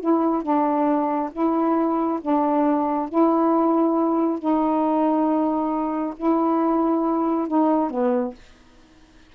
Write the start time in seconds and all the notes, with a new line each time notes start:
0.00 E4
0.42 D4
1.32 E4
2.21 D4
3.09 E4
4.39 D#4
6.16 E4
7.48 D#4
7.90 B3